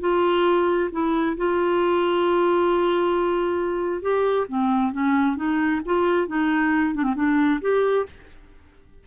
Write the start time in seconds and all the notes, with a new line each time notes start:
0.00 F4
0.92 E4
1.37 F4
4.01 G4
4.48 C4
4.92 C#4
5.36 D#4
5.85 F4
6.27 D#4
6.94 D4
7.03 C4
7.15 D4
7.61 G4